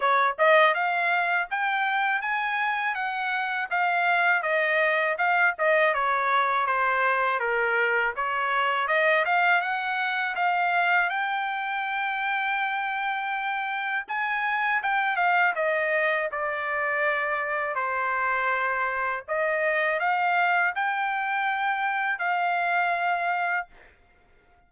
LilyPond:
\new Staff \with { instrumentName = "trumpet" } { \time 4/4 \tempo 4 = 81 cis''8 dis''8 f''4 g''4 gis''4 | fis''4 f''4 dis''4 f''8 dis''8 | cis''4 c''4 ais'4 cis''4 | dis''8 f''8 fis''4 f''4 g''4~ |
g''2. gis''4 | g''8 f''8 dis''4 d''2 | c''2 dis''4 f''4 | g''2 f''2 | }